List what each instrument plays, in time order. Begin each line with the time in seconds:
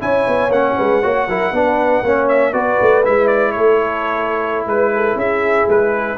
0.00 tuba C#4, trombone E4, horn C#5, trumpet G#5
0.27 tuba B3
0.48 tuba A#3, trombone C#4, trumpet F#5
0.77 tuba G#3, horn B4
1.02 tuba A#3, trombone F#4, horn C#5
1.27 tuba F#3, trombone E4, horn A#4
1.51 tuba B3, trombone D4, horn B4
2.02 tuba A#3, trombone C#4, horn C#5
2.28 trumpet E5
2.52 tuba B3, trombone F#4, horn B4, trumpet D5
2.81 tuba A3
3.05 tuba G#3, trombone E4, trumpet E5
3.27 trumpet D5
3.51 tuba A3, horn A4, trumpet C#5
4.66 tuba G#3, horn B4, trumpet B4
4.95 horn A4
5.15 tuba C#4, horn G#4, trumpet E5
5.68 tuba G#3, trumpet B4